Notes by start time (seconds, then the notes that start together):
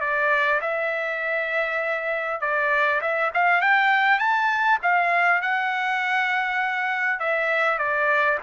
0.00 D5
0.61 E5
2.40 D5
3.01 E5
3.34 F5
3.61 G5
4.18 A5
4.82 F5
5.41 F#5
7.19 E5
7.78 D5